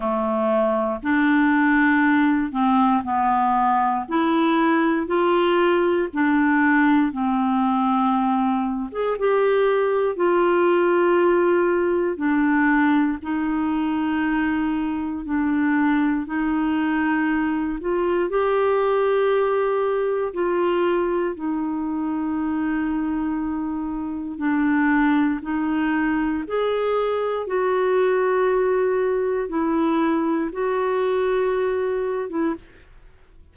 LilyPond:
\new Staff \with { instrumentName = "clarinet" } { \time 4/4 \tempo 4 = 59 a4 d'4. c'8 b4 | e'4 f'4 d'4 c'4~ | c'8. gis'16 g'4 f'2 | d'4 dis'2 d'4 |
dis'4. f'8 g'2 | f'4 dis'2. | d'4 dis'4 gis'4 fis'4~ | fis'4 e'4 fis'4.~ fis'16 e'16 | }